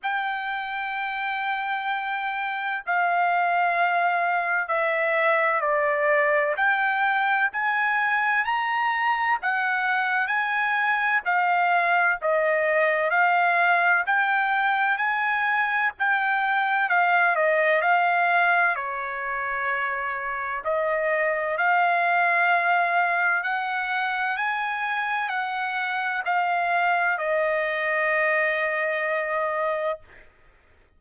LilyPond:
\new Staff \with { instrumentName = "trumpet" } { \time 4/4 \tempo 4 = 64 g''2. f''4~ | f''4 e''4 d''4 g''4 | gis''4 ais''4 fis''4 gis''4 | f''4 dis''4 f''4 g''4 |
gis''4 g''4 f''8 dis''8 f''4 | cis''2 dis''4 f''4~ | f''4 fis''4 gis''4 fis''4 | f''4 dis''2. | }